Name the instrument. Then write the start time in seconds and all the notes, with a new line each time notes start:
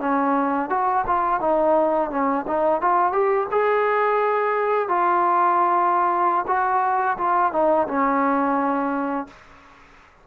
trombone
0.00 C#4
0.70 F#4
1.07 F4
1.41 D#4
2.11 C#4
2.48 D#4
2.82 F4
3.13 G4
3.52 G#4
4.89 F4
6.48 F#4
7.18 F4
7.53 D#4
7.88 C#4